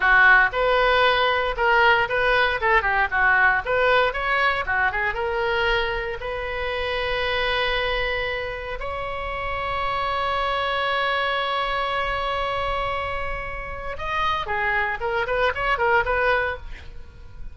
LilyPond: \new Staff \with { instrumentName = "oboe" } { \time 4/4 \tempo 4 = 116 fis'4 b'2 ais'4 | b'4 a'8 g'8 fis'4 b'4 | cis''4 fis'8 gis'8 ais'2 | b'1~ |
b'4 cis''2.~ | cis''1~ | cis''2. dis''4 | gis'4 ais'8 b'8 cis''8 ais'8 b'4 | }